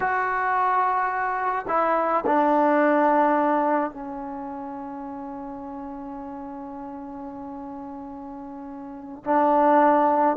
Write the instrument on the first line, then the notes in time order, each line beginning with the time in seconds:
trombone
0.00 F#4
1.68 E4
2.26 D4
3.90 C#4
9.24 D4